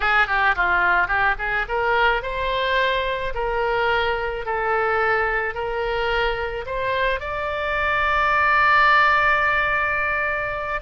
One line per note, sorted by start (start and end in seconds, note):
0.00 0.27 G#4
0.27 0.55 G4
0.55 1.07 F4
1.07 1.35 G4
1.38 1.66 G#4
1.68 2.22 A#4
2.22 3.33 C5
3.34 4.45 A#4
4.45 5.54 A4
5.54 6.65 A#4
6.66 7.20 C5
7.20 10.81 D5